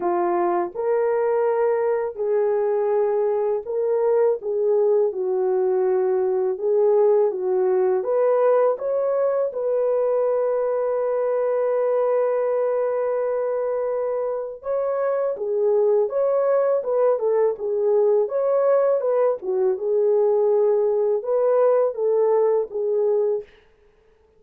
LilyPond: \new Staff \with { instrumentName = "horn" } { \time 4/4 \tempo 4 = 82 f'4 ais'2 gis'4~ | gis'4 ais'4 gis'4 fis'4~ | fis'4 gis'4 fis'4 b'4 | cis''4 b'2.~ |
b'1 | cis''4 gis'4 cis''4 b'8 a'8 | gis'4 cis''4 b'8 fis'8 gis'4~ | gis'4 b'4 a'4 gis'4 | }